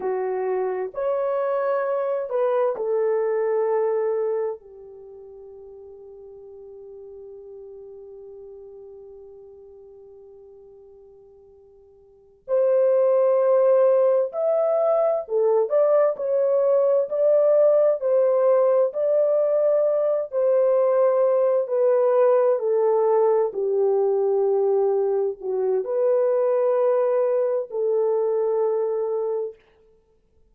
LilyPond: \new Staff \with { instrumentName = "horn" } { \time 4/4 \tempo 4 = 65 fis'4 cis''4. b'8 a'4~ | a'4 g'2.~ | g'1~ | g'4. c''2 e''8~ |
e''8 a'8 d''8 cis''4 d''4 c''8~ | c''8 d''4. c''4. b'8~ | b'8 a'4 g'2 fis'8 | b'2 a'2 | }